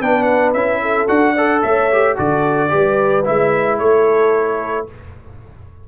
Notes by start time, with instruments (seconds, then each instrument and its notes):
0.00 tuba B3, trombone D4, horn B4, trumpet G5
0.23 trumpet F#5
0.53 tuba C#4, trombone E4, trumpet E5
0.82 horn A4
1.08 tuba D4, trombone F#4, trumpet F#5
1.34 trombone A4, horn D5
1.62 tuba A3, horn C#5, trumpet E5
1.92 trombone G4
2.16 tuba D3, trombone F#4, horn A4, trumpet D5
2.69 tuba G3, trombone G4, horn B4
3.24 tuba G#3, trombone E4, trumpet E5
3.79 tuba A3, horn A4, trumpet C#5